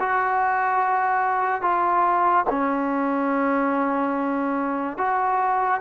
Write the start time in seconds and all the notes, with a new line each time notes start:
0.00 F#4
1.62 F4
2.50 C#4
4.98 F#4